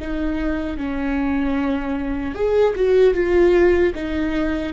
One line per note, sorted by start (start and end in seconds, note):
0.00 0.78 D#4
0.78 2.35 C#4
2.35 2.75 G#4
2.76 3.14 F#4
3.14 3.93 F4
3.95 4.74 D#4